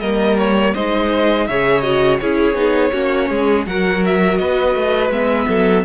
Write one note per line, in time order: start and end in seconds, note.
0.00 0.75 G3
0.00 0.76 A#3
0.00 0.74 A#4
0.00 0.37 D#5
0.38 0.75 C#5
0.75 1.48 G#3
0.75 1.49 D#4
0.75 1.48 C5
0.75 1.47 D#5
1.47 2.22 C#3
1.47 1.83 G#4
1.47 2.21 C#5
1.47 1.81 E5
1.81 2.19 F#4
1.81 2.17 D#5
2.19 2.54 C#4
2.19 2.55 E4
2.19 2.93 G#4
2.19 3.65 C#5
2.54 2.91 B3
2.54 2.92 D#4
2.93 3.30 A#3
2.93 3.66 C#4
2.93 3.29 F#4
3.29 3.66 G#3
3.29 3.66 G#4
3.66 4.39 F#3
3.66 5.12 F#4
3.66 4.40 A#4
3.66 4.04 F#5
4.05 4.37 E5
4.37 4.75 B3
4.37 5.48 B4
4.37 5.10 D#5
4.75 5.09 A3
5.09 5.46 G#3
5.09 5.84 B3
5.09 5.84 E5
5.48 5.84 F#3
5.48 5.84 A4